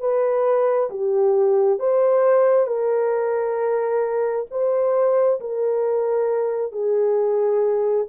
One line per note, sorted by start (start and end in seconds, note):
0.00 0.90 B4
0.90 1.80 G4
1.80 2.67 C5
2.67 4.46 A#4
4.51 5.40 C5
5.40 6.72 A#4
6.72 8.06 G#4